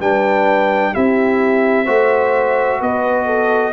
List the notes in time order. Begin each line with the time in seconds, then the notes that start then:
0.00 G3 D4 B4 G5
0.93 C4 E4 G4 E5
1.86 A3 F#4 C5
2.81 B3 B4 D#5
3.26 A4